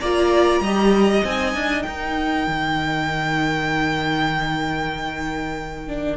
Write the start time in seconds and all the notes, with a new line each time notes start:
0.00 A#3 F4 D5 A#5
0.60 G3 G4 D#5
1.24 C4 D#4 G#5
1.54 D4
1.83 D#4 A#4 G5
2.47 D#3
5.87 D4